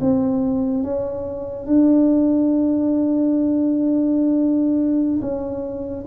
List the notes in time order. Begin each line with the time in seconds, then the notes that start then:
0.00 C4
0.83 C#4
1.66 D4
5.21 C#4